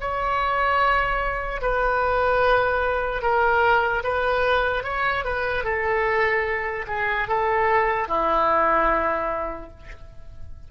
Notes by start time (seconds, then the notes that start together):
0.00 C#5
1.61 B4
3.22 A#4
4.04 B4
4.84 C#5
5.24 B4
5.64 A4
6.87 G#4
7.28 A4
8.08 E4